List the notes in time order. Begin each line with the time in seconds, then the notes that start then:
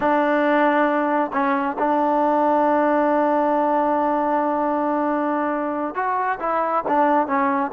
0.00 D4
1.32 C#4
1.78 D4
5.94 F#4
6.39 E4
6.87 D4
7.27 C#4